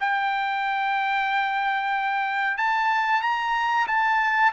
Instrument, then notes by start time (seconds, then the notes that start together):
trumpet
0.00 G5
2.57 A5
3.21 A#5
3.87 A5